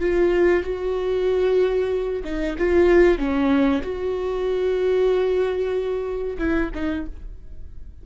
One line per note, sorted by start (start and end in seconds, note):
0.00 0.63 F4
0.63 2.23 F#4
2.24 2.56 D#4
2.58 3.18 F4
3.18 3.82 C#4
3.82 6.37 F#4
6.38 6.70 E4
6.74 7.06 D#4